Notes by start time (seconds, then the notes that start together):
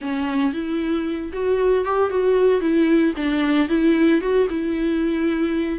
0.01 C#4
0.53 E4
1.33 F#4
1.84 G4
2.10 F#4
2.61 E4
3.16 D4
3.68 E4
4.21 F#4
4.49 E4